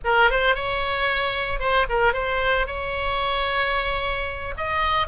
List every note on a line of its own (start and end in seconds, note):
0.04 0.30 A#4
0.30 0.55 C5
0.55 1.59 C#5
1.59 1.86 C5
1.89 2.13 A#4
2.13 2.66 C5
2.66 4.54 C#5
4.57 5.07 D#5